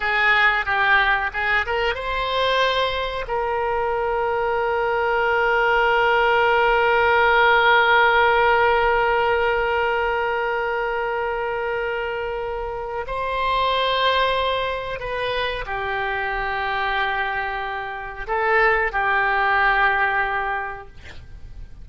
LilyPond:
\new Staff \with { instrumentName = "oboe" } { \time 4/4 \tempo 4 = 92 gis'4 g'4 gis'8 ais'8 c''4~ | c''4 ais'2.~ | ais'1~ | ais'1~ |
ais'1 | c''2. b'4 | g'1 | a'4 g'2. | }